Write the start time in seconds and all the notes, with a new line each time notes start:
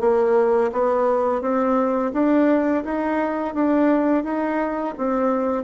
0.00 A#3
0.72 B3
1.41 C4
2.13 D4
2.84 D#4
3.54 D4
4.24 D#4
4.97 C4